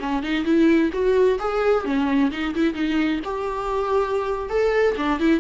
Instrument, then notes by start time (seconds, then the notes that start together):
viola
0.00 C#4
0.23 D#4
0.45 E4
0.93 F#4
1.40 G#4
1.85 C#4
2.32 D#4
2.55 E4
2.74 D#4
3.25 G4
4.50 A4
4.97 D4
5.20 E4